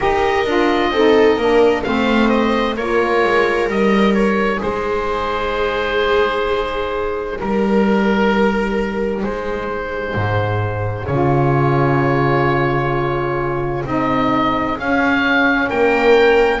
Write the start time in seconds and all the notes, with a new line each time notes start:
0.00 D#4 G4 A#4 D#5
0.46 D4 F4
0.90 C4 D#4 A4
1.37 A#3 D4 A#4
1.83 A3 C4 C5 F5
2.29 D#5
2.76 A#3 F4 A#4 C#5
3.24 G#3
3.68 G3 D#4 D#5
4.14 C#5
4.57 G#3 G#4 C5
7.39 G3 A#4
9.22 G#3 G#4 C5
10.14 G#2
11.06 C#3 F4 C#5
13.85 C4 D#4 D#5
14.78 C#4 F5
15.69 A#3 A#4 G5